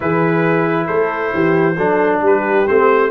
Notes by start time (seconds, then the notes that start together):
0.00 E3 E4 G#4 B4
0.86 A3 A4 C5
1.33 E3 G4
1.76 F#3 D4 A4
2.21 G3 G4 B4
2.67 A3 C4 C5